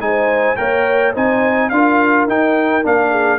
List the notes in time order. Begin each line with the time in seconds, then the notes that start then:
0.00 G#3 D#4 C5 G#5
0.56 A#3 A#4 C#5 G5
1.13 C4 D#4 C5 G#5
1.70 D4 F4 A#4 F5
2.28 D#4 G5
2.83 A#3 D4 F5
3.10 G#4